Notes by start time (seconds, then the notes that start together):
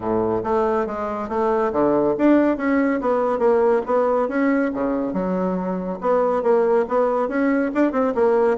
0.00 A2
0.43 A3
0.86 G#3
1.29 A3
1.72 D3
2.17 D4
2.57 C#4
3.00 B3
3.39 A#3
3.86 B3
4.28 C#4
4.73 C#3
5.13 F#3
6.00 B3
6.42 A#3
6.88 B3
7.28 C#4
7.74 D4
7.92 C4
8.14 A#3